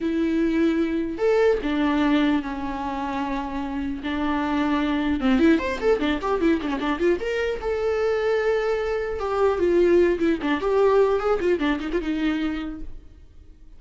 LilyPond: \new Staff \with { instrumentName = "viola" } { \time 4/4 \tempo 4 = 150 e'2. a'4 | d'2 cis'2~ | cis'2 d'2~ | d'4 c'8 e'8 c''8 a'8 d'8 g'8 |
e'8 d'16 cis'16 d'8 f'8 ais'4 a'4~ | a'2. g'4 | f'4. e'8 d'8 g'4. | gis'8 f'8 d'8 dis'16 f'16 dis'2 | }